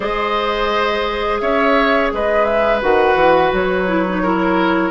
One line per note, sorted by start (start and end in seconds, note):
0.00 1.41 G#3
0.00 2.79 G#4
0.00 1.41 C5
0.00 1.39 D#5
1.39 2.11 C#4
1.39 2.12 C#5
1.39 2.10 E5
2.12 2.82 G#3
2.12 4.22 B4
2.12 2.44 D#5
2.44 2.79 E5
2.81 3.15 D#3
2.81 3.87 F#4
2.81 3.53 F#5
3.15 3.50 E3
3.52 4.91 F#3
3.52 4.91 C#5
3.87 4.05 E4
4.09 4.25 D#4
4.22 4.91 E4
4.22 4.91 A#4